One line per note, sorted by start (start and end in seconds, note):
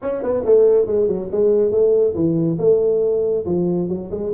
0.02 0.22 C#4
0.22 0.44 B3
0.45 0.86 A3
0.86 1.07 G#3
1.07 1.29 F#3
1.31 1.71 G#3
1.71 2.14 A3
2.14 2.57 E3
2.59 3.45 A3
3.45 3.88 F3
3.88 4.10 F#3
4.10 4.32 G#3